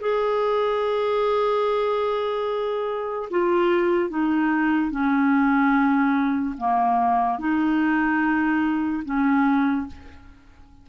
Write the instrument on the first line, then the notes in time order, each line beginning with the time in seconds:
clarinet
0.00 G#4
3.30 F4
4.09 D#4
4.91 C#4
6.58 A#3
7.39 D#4
9.04 C#4